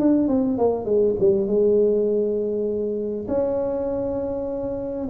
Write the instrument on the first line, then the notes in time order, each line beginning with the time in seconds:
tuba
0.00 D4
0.29 C4
0.59 A#3
0.86 G#3
1.20 G3
1.47 G#3
3.29 C#4